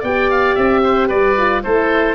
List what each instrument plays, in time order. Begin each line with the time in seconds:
0.00 tuba B3, horn G4, oboe D5 G5
0.30 oboe F5
0.55 tuba C4, oboe E5
0.84 oboe C5
1.08 tuba G3, oboe B4 D5
1.38 horn F4
1.63 tuba A3, horn E4, oboe A4 C5